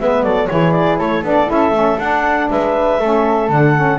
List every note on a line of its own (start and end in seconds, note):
0.00 0.23 G#3
0.00 0.50 B3
0.00 0.24 B4
0.00 0.23 E5
0.23 0.48 F#3
0.23 0.49 A4
0.23 0.48 D5
0.48 0.99 E3
0.48 1.23 E4
0.48 0.99 G#4
0.48 0.72 C#5
0.72 0.97 D5
0.98 1.23 A3
0.98 2.49 A4
0.98 1.23 C#5
1.23 1.48 B3
1.23 1.47 D4
1.23 1.51 D5
1.47 1.71 C#4
1.47 1.72 E4
1.47 1.99 E5
1.71 1.96 A3
1.71 1.99 C#4
1.99 2.49 D4
1.99 3.01 D4
1.99 2.49 F#5
2.51 3.00 G#3
2.51 3.01 B4
2.51 3.51 E5
3.00 3.50 A3
3.00 3.49 C#4
3.00 4.00 A4
3.49 4.00 D3
3.49 3.74 D4
3.49 4.00 F#5
3.75 4.00 C#4